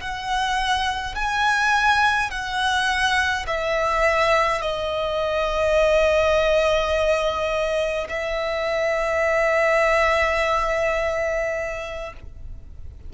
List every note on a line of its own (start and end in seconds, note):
0.00 1.15 F#5
1.15 2.30 G#5
2.30 3.46 F#5
3.47 4.61 E5
4.61 8.07 D#5
8.09 12.13 E5